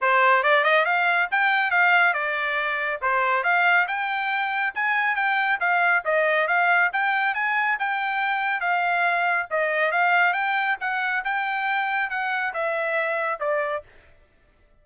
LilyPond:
\new Staff \with { instrumentName = "trumpet" } { \time 4/4 \tempo 4 = 139 c''4 d''8 dis''8 f''4 g''4 | f''4 d''2 c''4 | f''4 g''2 gis''4 | g''4 f''4 dis''4 f''4 |
g''4 gis''4 g''2 | f''2 dis''4 f''4 | g''4 fis''4 g''2 | fis''4 e''2 d''4 | }